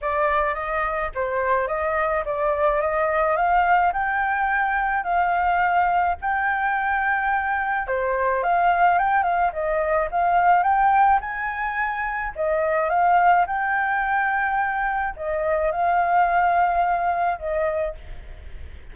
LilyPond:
\new Staff \with { instrumentName = "flute" } { \time 4/4 \tempo 4 = 107 d''4 dis''4 c''4 dis''4 | d''4 dis''4 f''4 g''4~ | g''4 f''2 g''4~ | g''2 c''4 f''4 |
g''8 f''8 dis''4 f''4 g''4 | gis''2 dis''4 f''4 | g''2. dis''4 | f''2. dis''4 | }